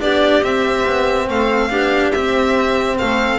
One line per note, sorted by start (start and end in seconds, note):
0.00 0.42 B3
0.00 0.43 D4
0.00 1.28 G4
0.00 0.43 D5
0.42 0.85 C4
0.42 1.70 C4
0.42 1.29 E5
0.86 1.29 B3
1.28 1.71 A3
1.28 1.70 A4
1.28 2.11 F5
1.70 2.13 B3
1.70 2.13 D4
1.70 2.98 G4
2.11 3.00 C4
2.11 3.39 C4
2.11 2.96 E5
2.98 3.39 A3
2.98 3.39 A4
2.98 3.39 F5